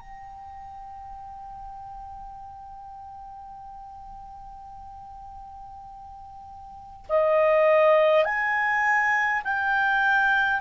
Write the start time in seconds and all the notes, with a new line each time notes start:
0.00 G5
7.09 D#5
8.25 G#5
9.44 G5